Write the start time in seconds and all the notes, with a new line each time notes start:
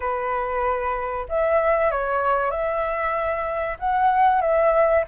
0.00 B4
1.28 E5
1.91 C#5
2.51 E5
3.79 F#5
4.41 E5